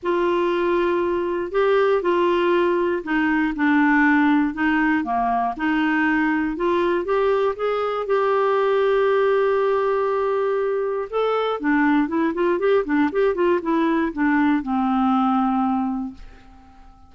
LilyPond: \new Staff \with { instrumentName = "clarinet" } { \time 4/4 \tempo 4 = 119 f'2. g'4 | f'2 dis'4 d'4~ | d'4 dis'4 ais4 dis'4~ | dis'4 f'4 g'4 gis'4 |
g'1~ | g'2 a'4 d'4 | e'8 f'8 g'8 d'8 g'8 f'8 e'4 | d'4 c'2. | }